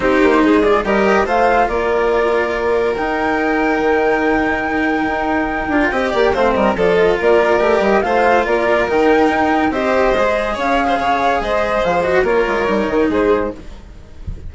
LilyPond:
<<
  \new Staff \with { instrumentName = "flute" } { \time 4/4 \tempo 4 = 142 c''4. d''8 dis''4 f''4 | d''2. g''4~ | g''1~ | g''2. f''8 dis''8 |
d''8 dis''8 d''4. dis''8 f''4 | d''4 g''2 dis''4~ | dis''4 f''2 dis''4 | f''8 dis''8 cis''2 c''4 | }
  \new Staff \with { instrumentName = "violin" } { \time 4/4 g'4 gis'4 ais'4 c''4 | ais'1~ | ais'1~ | ais'2 dis''8 d''8 c''8 ais'8 |
a'4 ais'2 c''4 | ais'2. c''4~ | c''4 cis''8. c''16 cis''4 c''4~ | c''4 ais'2 gis'4 | }
  \new Staff \with { instrumentName = "cello" } { \time 4/4 dis'4. f'8 g'4 f'4~ | f'2. dis'4~ | dis'1~ | dis'4. f'8 g'4 c'4 |
f'2 g'4 f'4~ | f'4 dis'2 g'4 | gis'1~ | gis'8 fis'8 f'4 dis'2 | }
  \new Staff \with { instrumentName = "bassoon" } { \time 4/4 c'8 ais8 gis4 g4 a4 | ais2. dis'4~ | dis'4 dis2. | dis'4. d'8 c'8 ais8 a8 g8 |
f4 ais4 a8 g8 a4 | ais4 dis4 dis'4 c'4 | gis4 cis'4 cis4 gis4 | f4 ais8 gis8 g8 dis8 gis4 | }
>>